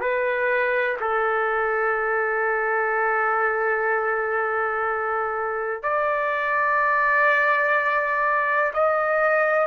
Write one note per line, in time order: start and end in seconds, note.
0.00 0.97 B4
1.00 5.82 A4
5.82 8.73 D5
8.73 9.67 D#5